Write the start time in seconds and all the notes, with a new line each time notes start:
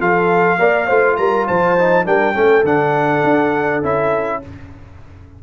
0.00 F3 F4 A4 F5
0.59 A#3 A#4 D5
0.87 A3 F4 C5
1.17 G3 A#4 A#5
1.48 F3 C5 A5
1.79 D#4
2.05 G3 D4 A#4 G5
2.35 A3 C#4 A4
2.64 D3 D4 F#5
3.24 D4
3.83 C#4 E4 E5